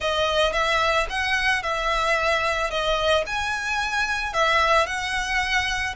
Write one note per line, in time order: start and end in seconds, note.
0.00 0.52 D#5
0.52 1.06 E5
1.09 1.62 F#5
1.62 2.70 E5
2.70 3.24 D#5
3.26 4.33 G#5
4.33 4.86 E5
4.86 5.94 F#5